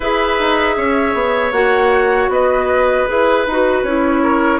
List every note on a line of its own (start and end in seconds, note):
0.00 0.37 E4
0.00 1.53 G#4
0.00 0.75 B4
0.00 1.52 E5
0.39 0.77 D#4
0.77 1.14 C#4
0.77 2.31 C#5
1.14 1.52 B3
1.52 2.28 A#3
1.52 3.07 F#4
1.52 2.29 F#5
2.28 3.05 B3
2.28 4.22 B4
2.28 3.08 D#5
3.07 3.46 E4
3.07 3.45 G#4
3.07 3.83 B4
3.46 3.83 D#4
3.46 3.87 F#4
3.83 4.60 C#4
3.83 4.60 E4
3.83 4.60 C#5
4.22 4.60 A#4